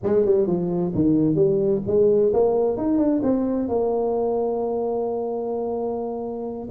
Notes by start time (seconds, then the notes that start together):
0.03 G#3
0.25 G3
0.46 F3
0.94 D#3
1.35 G3
1.86 G#3
2.33 A#3
2.77 D#4
2.98 D4
3.22 C4
3.68 A#3